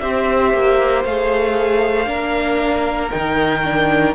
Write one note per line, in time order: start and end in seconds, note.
0.00 0.53 C4
0.00 1.05 G4
0.00 2.08 C5
0.00 1.03 E5
0.53 1.04 A#3
1.04 2.06 A3
1.04 2.06 G#4
1.04 3.11 F5
2.06 3.10 A#3
2.06 3.09 D4
2.06 4.14 A#4
3.11 4.14 D#3
3.11 3.63 D#4
3.11 4.14 G5
3.64 4.14 D4